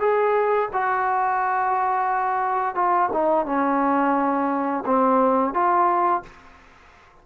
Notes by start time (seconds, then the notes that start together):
0.00 G#4
0.73 F#4
2.75 F4
3.13 D#4
3.46 C#4
4.86 C4
5.54 F4